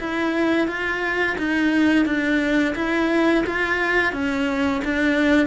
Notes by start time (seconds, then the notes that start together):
0.00 E4
0.67 F4
1.38 D#4
2.05 D4
2.75 E4
3.46 F4
4.13 C#4
4.84 D4